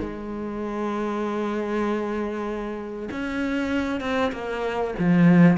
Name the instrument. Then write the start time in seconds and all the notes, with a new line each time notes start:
cello
0.00 G#3
3.11 C#4
4.01 C4
4.32 A#3
4.99 F3